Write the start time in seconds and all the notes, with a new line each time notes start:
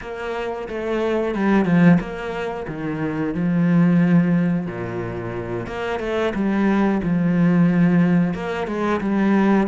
0.01 A#3
0.68 A3
1.35 G3
1.65 F3
1.99 A#3
2.67 D#3
3.34 F3
4.66 A#2
5.67 A#3
5.99 A3
6.34 G3
7.03 F3
8.34 A#3
8.67 G#3
9.00 G3